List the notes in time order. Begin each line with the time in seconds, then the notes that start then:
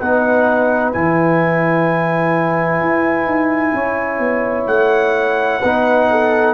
0.00 B3 D#4 B4 F#5
0.92 E3 E4 G#5
2.81 E4
3.25 D#4
3.74 C#4 C#5
4.19 B3
4.67 A3 F#5
5.61 B3 D#4 B4
6.11 A4